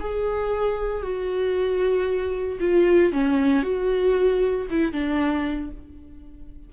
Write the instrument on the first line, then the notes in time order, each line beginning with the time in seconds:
viola
0.00 G#4
1.02 F#4
2.60 F4
3.12 C#4
3.62 F#4
4.70 E4
4.92 D4